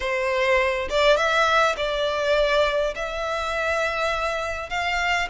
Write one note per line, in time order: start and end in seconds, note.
0.00 0.88 C5
0.89 1.17 D5
1.17 1.75 E5
1.76 2.94 D5
2.95 4.69 E5
4.69 5.28 F5